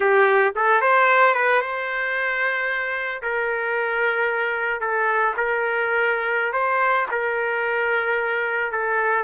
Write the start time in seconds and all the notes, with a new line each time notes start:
0.00 G4
0.55 A4
0.81 C5
1.34 B4
1.61 C5
3.22 A#4
4.80 A4
5.36 A#4
6.52 C5
7.11 A#4
8.72 A4